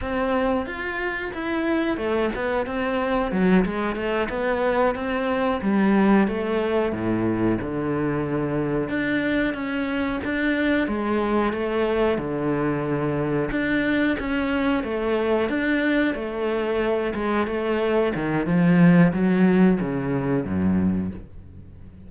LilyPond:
\new Staff \with { instrumentName = "cello" } { \time 4/4 \tempo 4 = 91 c'4 f'4 e'4 a8 b8 | c'4 fis8 gis8 a8 b4 c'8~ | c'8 g4 a4 a,4 d8~ | d4. d'4 cis'4 d'8~ |
d'8 gis4 a4 d4.~ | d8 d'4 cis'4 a4 d'8~ | d'8 a4. gis8 a4 dis8 | f4 fis4 cis4 fis,4 | }